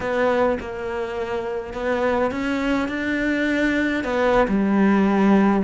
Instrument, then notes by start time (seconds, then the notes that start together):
cello
0.00 B3
0.60 A#3
1.73 B3
2.31 C#4
2.88 D4
4.04 B3
4.47 G3